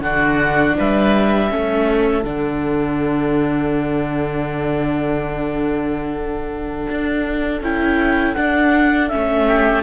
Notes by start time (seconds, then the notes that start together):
0.00 D3 D4 F#4 F#5
0.77 G3 B4 E5
1.49 A3 C#4 A4
2.23 D3 D4 F#5
6.89 D4
7.61 C#4 E4 G5
8.34 D4 F#5
9.08 A3 C#4 E5
9.46 G4